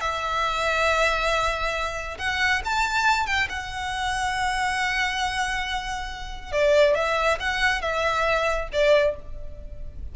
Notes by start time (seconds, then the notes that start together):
0.00 E5
2.18 F#5
2.65 A5
3.26 G5
3.49 F#5
6.52 D5
6.94 E5
7.39 F#5
7.81 E5
8.72 D5